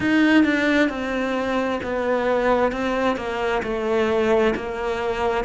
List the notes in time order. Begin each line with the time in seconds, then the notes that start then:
0.00 D#4
0.44 D4
0.88 C4
1.83 B3
2.72 C4
3.16 A#3
3.62 A3
4.55 A#3